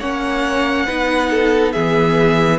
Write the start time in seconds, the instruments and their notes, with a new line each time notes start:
0.00 cello A#3, viola C#4, violin C#5 F#5
0.86 cello B3, viola D#4, violin B4
1.31 violin A4
1.72 cello E3, viola B3, violin G#4 E5